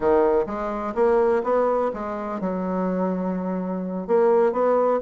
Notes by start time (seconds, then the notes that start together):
0.00 D#3
0.46 G#3
0.95 A#3
1.43 B3
1.93 G#3
2.40 F#3
4.07 A#3
4.52 B3